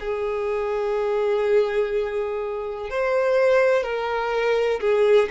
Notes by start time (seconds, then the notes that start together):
0.00 G#4
2.90 C5
3.84 A#4
4.81 G#4